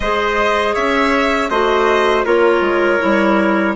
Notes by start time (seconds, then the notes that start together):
0.00 G#3 G#4 C5 D#5
0.73 C#4 C#5 E5
1.49 A3 F#4 C5 D#5
2.25 A#3 F4 A#4 C#5
2.60 G#3
2.99 G3 E4